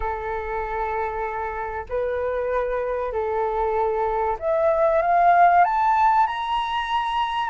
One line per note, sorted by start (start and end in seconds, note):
0.00 1.85 A4
1.89 3.12 B4
3.12 4.37 A4
4.39 5.01 E5
5.02 5.64 F5
5.64 6.26 A5
6.26 7.49 A#5